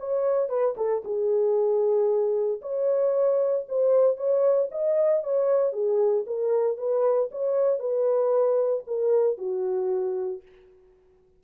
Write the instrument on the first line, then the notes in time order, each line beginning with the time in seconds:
horn
0.00 C#5
0.50 B4
0.78 A4
1.05 G#4
2.62 C#5
3.69 C5
4.17 C#5
4.72 D#5
5.24 C#5
5.73 G#4
6.27 A#4
6.78 B4
7.32 C#5
7.80 B4
8.87 A#4
9.38 F#4